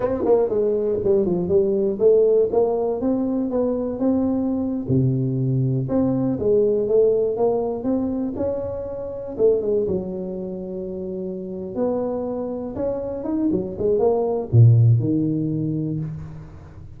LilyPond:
\new Staff \with { instrumentName = "tuba" } { \time 4/4 \tempo 4 = 120 c'8 ais8 gis4 g8 f8 g4 | a4 ais4 c'4 b4 | c'4.~ c'16 c2 c'16~ | c'8. gis4 a4 ais4 c'16~ |
c'8. cis'2 a8 gis8 fis16~ | fis2.~ fis8 b8~ | b4. cis'4 dis'8 fis8 gis8 | ais4 ais,4 dis2 | }